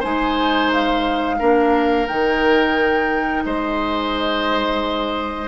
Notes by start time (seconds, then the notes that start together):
0.00 G#3 D#4 C5 G#5
0.73 F5
1.39 A#3 D4 A#4
2.07 D#3 D#4 G5
3.45 G#3 C5 D#5